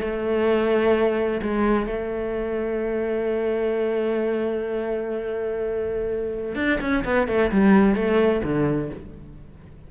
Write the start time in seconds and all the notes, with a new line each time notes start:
0.00 A3
1.42 G#3
1.86 A3
6.55 D4
6.81 C#4
7.04 B3
7.27 A3
7.51 G3
7.95 A3
8.44 D3